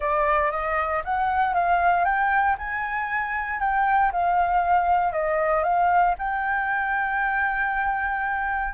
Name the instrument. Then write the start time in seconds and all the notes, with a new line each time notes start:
flute
0.00 D5
0.51 D#5
1.04 F#5
1.54 F5
2.04 G5
2.58 G#5
3.60 G5
4.12 F5
5.12 D#5
5.63 F5
6.18 G5